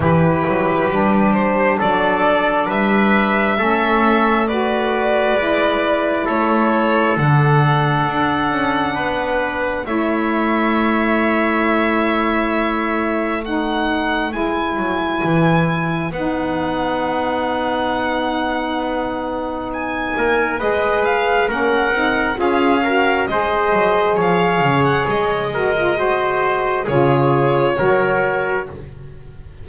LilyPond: <<
  \new Staff \with { instrumentName = "violin" } { \time 4/4 \tempo 4 = 67 b'4. c''8 d''4 e''4~ | e''4 d''2 cis''4 | fis''2. e''4~ | e''2. fis''4 |
gis''2 fis''2~ | fis''2 gis''4 dis''8 f''8 | fis''4 f''4 dis''4 f''8. fis''16 | dis''2 cis''2 | }
  \new Staff \with { instrumentName = "trumpet" } { \time 4/4 g'2 a'4 b'4 | a'4 b'2 a'4~ | a'2 b'4 cis''4~ | cis''2. b'4~ |
b'1~ | b'2~ b'8 ais'8 b'4 | ais'4 gis'8 ais'8 c''4 cis''4~ | cis''8 ais'8 c''4 gis'4 ais'4 | }
  \new Staff \with { instrumentName = "saxophone" } { \time 4/4 e'4 d'2. | cis'4 fis'4 e'2 | d'2. e'4~ | e'2. dis'4 |
e'2 dis'2~ | dis'2. gis'4 | cis'8 dis'8 f'8 fis'8 gis'2~ | gis'8 fis'16 f'16 fis'4 f'4 fis'4 | }
  \new Staff \with { instrumentName = "double bass" } { \time 4/4 e8 fis8 g4 fis4 g4 | a2 gis4 a4 | d4 d'8 cis'8 b4 a4~ | a1 |
gis8 fis8 e4 b2~ | b2~ b8 ais8 gis4 | ais8 c'8 cis'4 gis8 fis8 f8 cis8 | gis2 cis4 fis4 | }
>>